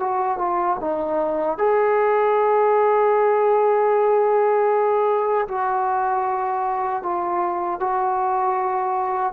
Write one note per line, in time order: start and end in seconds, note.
0.00 0.39 F#4
0.39 0.78 F4
0.81 1.58 D#4
1.58 5.48 G#4
5.48 7.03 F#4
7.03 7.80 F4
7.80 9.33 F#4